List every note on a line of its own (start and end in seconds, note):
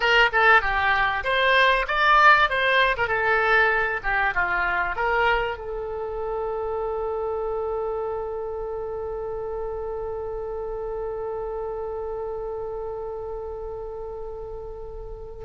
0.00 0.30 A#4
0.32 0.61 A4
0.61 1.23 G4
1.24 1.86 C5
1.87 2.49 D5
2.49 2.96 C5
2.97 3.07 A#4
3.07 4.00 A4
4.03 4.34 G4
4.34 4.95 F4
4.95 5.57 A#4
5.57 15.44 A4